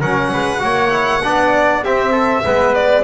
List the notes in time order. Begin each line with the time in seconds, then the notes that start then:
0.00 F#3 C#4 A#4 F#5
0.33 G#3 B4
0.59 A#3 F#4 C#5
0.90 E4
1.23 B3 D4 D5
1.83 C4 G4 E5
2.12 A4
2.44 G#3 B3 B4
2.74 D5